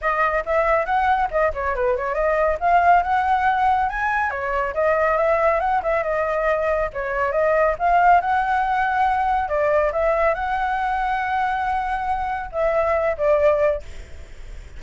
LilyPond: \new Staff \with { instrumentName = "flute" } { \time 4/4 \tempo 4 = 139 dis''4 e''4 fis''4 dis''8 cis''8 | b'8 cis''8 dis''4 f''4 fis''4~ | fis''4 gis''4 cis''4 dis''4 | e''4 fis''8 e''8 dis''2 |
cis''4 dis''4 f''4 fis''4~ | fis''2 d''4 e''4 | fis''1~ | fis''4 e''4. d''4. | }